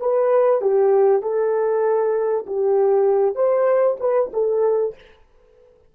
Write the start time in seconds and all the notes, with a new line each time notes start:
0.00 B4
0.61 G4
1.22 A4
2.46 G4
3.35 C5
4.00 B4
4.33 A4